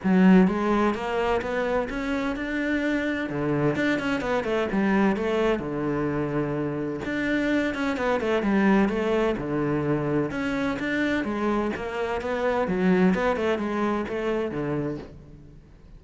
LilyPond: \new Staff \with { instrumentName = "cello" } { \time 4/4 \tempo 4 = 128 fis4 gis4 ais4 b4 | cis'4 d'2 d4 | d'8 cis'8 b8 a8 g4 a4 | d2. d'4~ |
d'8 cis'8 b8 a8 g4 a4 | d2 cis'4 d'4 | gis4 ais4 b4 fis4 | b8 a8 gis4 a4 d4 | }